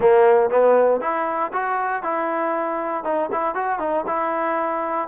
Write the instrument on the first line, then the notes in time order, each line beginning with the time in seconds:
trombone
0.00 A#3
0.50 B3
1.01 E4
1.52 F#4
2.02 E4
3.04 D#4
3.31 E4
3.54 F#4
3.79 D#4
4.07 E4